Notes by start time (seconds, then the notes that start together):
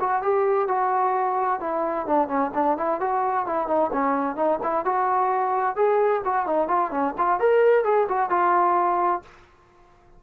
0.00 F#4
0.22 G4
0.68 F#4
1.60 E4
2.07 D4
2.28 C#4
2.54 D4
2.77 E4
3.00 F#4
3.46 E4
3.67 D#4
3.92 C#4
4.36 D#4
4.63 E4
4.85 F#4
5.76 G#4
6.25 F#4
6.46 D#4
6.68 F4
6.91 C#4
7.18 F4
7.40 A#4
7.84 G#4
8.09 F#4
8.30 F4